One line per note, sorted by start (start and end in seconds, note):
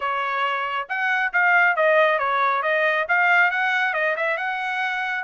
0.00 0.88 C#5
0.88 1.32 F#5
1.33 1.76 F5
1.76 2.18 D#5
2.18 2.62 C#5
2.62 3.06 D#5
3.08 3.51 F5
3.51 3.93 F#5
3.93 4.15 D#5
4.16 4.37 E5
4.37 5.24 F#5